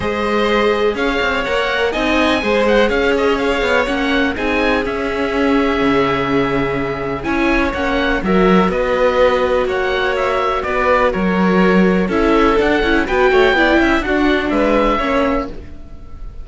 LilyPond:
<<
  \new Staff \with { instrumentName = "oboe" } { \time 4/4 \tempo 4 = 124 dis''2 f''4 fis''4 | gis''4. fis''8 f''8 dis''8 f''4 | fis''4 gis''4 e''2~ | e''2. gis''4 |
fis''4 e''4 dis''2 | fis''4 e''4 d''4 cis''4~ | cis''4 e''4 fis''4 g''4~ | g''4 fis''4 e''2 | }
  \new Staff \with { instrumentName = "violin" } { \time 4/4 c''2 cis''2 | dis''4 c''4 cis''2~ | cis''4 gis'2.~ | gis'2. cis''4~ |
cis''4 ais'4 b'2 | cis''2 b'4 ais'4~ | ais'4 a'2 b'8 cis''8 | d''8 e''8 fis'4 b'4 cis''4 | }
  \new Staff \with { instrumentName = "viola" } { \time 4/4 gis'2. ais'4 | dis'4 gis'2. | cis'4 dis'4 cis'2~ | cis'2. e'4 |
cis'4 fis'2.~ | fis'1~ | fis'4 e'4 d'8 e'8 fis'4 | e'4 d'2 cis'4 | }
  \new Staff \with { instrumentName = "cello" } { \time 4/4 gis2 cis'8 c'8 ais4 | c'4 gis4 cis'4. b8 | ais4 c'4 cis'2 | cis2. cis'4 |
ais4 fis4 b2 | ais2 b4 fis4~ | fis4 cis'4 d'8 cis'8 b8 a8 | b8 cis'8 d'4 gis4 ais4 | }
>>